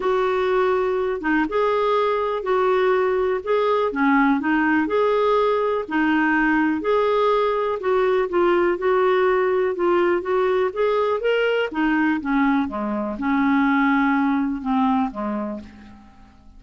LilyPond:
\new Staff \with { instrumentName = "clarinet" } { \time 4/4 \tempo 4 = 123 fis'2~ fis'8 dis'8 gis'4~ | gis'4 fis'2 gis'4 | cis'4 dis'4 gis'2 | dis'2 gis'2 |
fis'4 f'4 fis'2 | f'4 fis'4 gis'4 ais'4 | dis'4 cis'4 gis4 cis'4~ | cis'2 c'4 gis4 | }